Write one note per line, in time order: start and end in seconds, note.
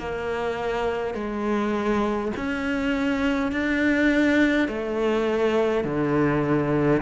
0.00 1.14 A#3
1.14 2.32 G#3
2.37 3.52 C#4
3.52 4.69 D4
4.69 5.84 A3
5.84 7.02 D3